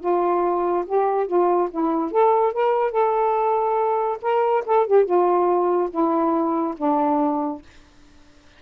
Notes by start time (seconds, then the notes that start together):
0.00 F4
0.86 G4
1.27 F4
1.71 E4
2.11 A4
2.53 A#4
2.91 A4
4.22 A#4
4.66 A4
4.86 G4
5.05 F4
5.90 E4
6.77 D4